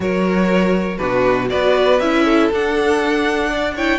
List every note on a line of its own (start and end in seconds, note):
0.00 0.98 F#3
0.00 0.98 F#4
0.00 0.99 A#4
0.00 0.97 C#5
0.97 1.52 B2
0.97 1.48 D4
0.97 1.49 F#4
0.97 1.47 B4
1.49 2.00 B3
1.49 1.99 F#4
1.49 2.24 B4
1.49 1.99 D5
1.99 2.50 C#4
1.99 2.51 E4
1.99 2.49 E5
2.24 3.49 A4
2.51 3.99 D4
2.51 3.76 D4
2.51 3.77 F#5
3.49 3.74 D5
3.75 3.99 E4
3.75 3.99 C#5
3.75 3.99 G5